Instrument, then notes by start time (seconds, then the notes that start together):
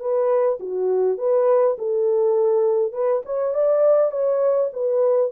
horn
0.00 B4
0.60 F#4
1.18 B4
1.79 A4
2.93 B4
3.26 C#5
3.54 D5
4.11 C#5
4.73 B4